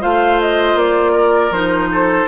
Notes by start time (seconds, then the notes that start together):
0.00 A3 F4 C5 F5
0.40 D#5
0.74 A#3 D5
1.12 A#4
1.50 F3 D#4 C5
1.91 A4